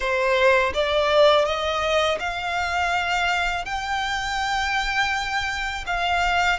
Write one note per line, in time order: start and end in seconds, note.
0.00 0.73 C5
0.74 1.45 D5
1.45 2.18 D#5
2.20 3.65 F5
3.65 5.84 G5
5.86 6.59 F5